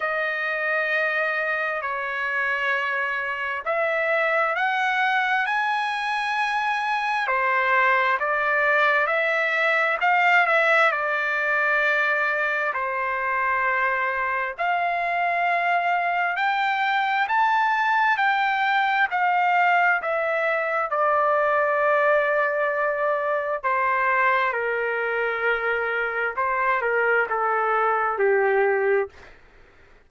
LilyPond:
\new Staff \with { instrumentName = "trumpet" } { \time 4/4 \tempo 4 = 66 dis''2 cis''2 | e''4 fis''4 gis''2 | c''4 d''4 e''4 f''8 e''8 | d''2 c''2 |
f''2 g''4 a''4 | g''4 f''4 e''4 d''4~ | d''2 c''4 ais'4~ | ais'4 c''8 ais'8 a'4 g'4 | }